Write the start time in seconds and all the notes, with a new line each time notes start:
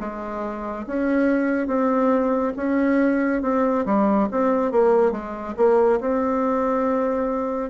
0.00 G#3
0.87 C#4
1.67 C4
2.56 C#4
3.42 C4
3.86 G3
4.31 C4
4.72 A#3
5.12 G#3
5.57 A#3
6.00 C4